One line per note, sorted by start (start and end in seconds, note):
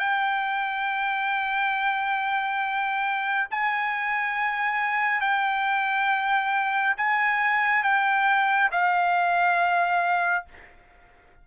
0.00 3.48 G5
3.51 5.21 G#5
5.21 6.95 G5
6.98 7.84 G#5
7.84 8.71 G5
8.72 10.46 F5